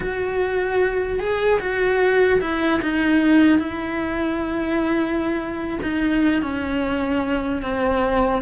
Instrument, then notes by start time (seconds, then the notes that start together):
cello
0.00 F#4
1.19 G#4
1.59 F#4
2.41 E4
2.81 D#4
3.58 E4
5.82 D#4
6.42 C#4
7.62 C4